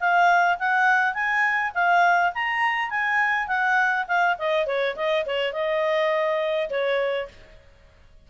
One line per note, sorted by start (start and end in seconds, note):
0.00 0.58 F5
0.59 1.14 F#5
1.14 1.72 G#5
1.74 2.33 F5
2.35 2.90 A#5
2.90 3.48 G#5
3.48 4.06 F#5
4.08 4.37 F5
4.38 4.67 D#5
4.67 4.96 C#5
4.96 5.25 D#5
5.26 5.53 C#5
5.53 6.70 D#5
6.70 7.29 C#5